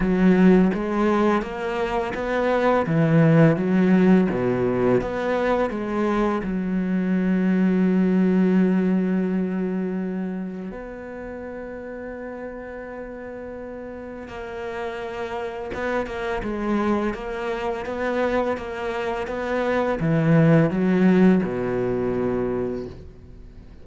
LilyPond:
\new Staff \with { instrumentName = "cello" } { \time 4/4 \tempo 4 = 84 fis4 gis4 ais4 b4 | e4 fis4 b,4 b4 | gis4 fis2.~ | fis2. b4~ |
b1 | ais2 b8 ais8 gis4 | ais4 b4 ais4 b4 | e4 fis4 b,2 | }